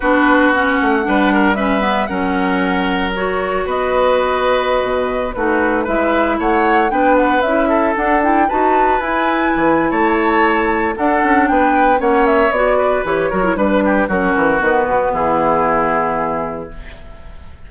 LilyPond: <<
  \new Staff \with { instrumentName = "flute" } { \time 4/4 \tempo 4 = 115 b'4 fis''2 e''4 | fis''2 cis''4 dis''4~ | dis''2~ dis''16 b'4 e''8.~ | e''16 fis''4 g''8 fis''8 e''4 fis''8 g''16~ |
g''16 a''4 gis''4.~ gis''16 a''4~ | a''4 fis''4 g''4 fis''8 e''8 | d''4 cis''4 b'4 ais'4 | b'4 gis'2. | }
  \new Staff \with { instrumentName = "oboe" } { \time 4/4 fis'2 b'8 ais'8 b'4 | ais'2. b'4~ | b'2~ b'16 fis'4 b'8.~ | b'16 cis''4 b'4. a'4~ a'16~ |
a'16 b'2~ b'8. cis''4~ | cis''4 a'4 b'4 cis''4~ | cis''8 b'4 ais'8 b'8 g'8 fis'4~ | fis'4 e'2. | }
  \new Staff \with { instrumentName = "clarinet" } { \time 4/4 d'4 cis'4 d'4 cis'8 b8 | cis'2 fis'2~ | fis'2~ fis'16 dis'4 e'8.~ | e'4~ e'16 d'4 e'4 d'8 e'16~ |
e'16 fis'4 e'2~ e'8.~ | e'4 d'2 cis'4 | fis'4 g'8 fis'16 e'16 d'4 cis'4 | b1 | }
  \new Staff \with { instrumentName = "bassoon" } { \time 4/4 b4. a8 g2 | fis2. b4~ | b4~ b16 b,4 a4 gis8.~ | gis16 a4 b4 cis'4 d'8.~ |
d'16 dis'4 e'4 e8. a4~ | a4 d'8 cis'8 b4 ais4 | b4 e8 fis8 g4 fis8 e8 | dis8 b,8 e2. | }
>>